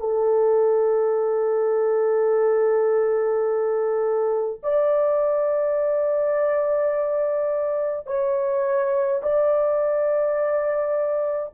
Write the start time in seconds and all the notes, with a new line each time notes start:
0.00 A4
4.64 D5
8.07 C#5
9.23 D5